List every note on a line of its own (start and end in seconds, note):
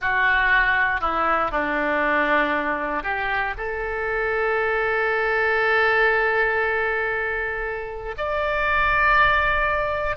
0.01 1.01 F#4
1.01 1.51 E4
1.51 3.03 D4
3.03 3.53 G4
3.57 8.15 A4
8.17 10.16 D5